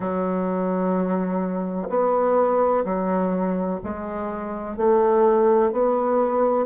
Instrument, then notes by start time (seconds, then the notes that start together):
bassoon
0.00 F#3
1.89 B3
2.84 F#3
3.83 G#3
4.76 A3
5.71 B3